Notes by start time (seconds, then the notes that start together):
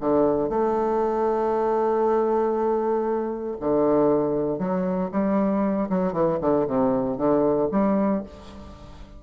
0.00 D3
0.49 A3
3.60 D3
4.58 F#3
5.11 G3
5.89 F#3
6.12 E3
6.41 D3
6.67 C3
7.17 D3
7.71 G3